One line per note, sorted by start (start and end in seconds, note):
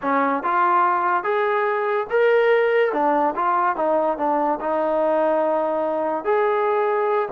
0.02 0.43 C#4
0.43 1.23 F4
1.23 2.06 G#4
2.09 2.92 A#4
2.92 3.34 D4
3.35 3.76 F4
3.76 4.17 D#4
4.17 4.59 D4
4.60 6.24 D#4
6.24 7.28 G#4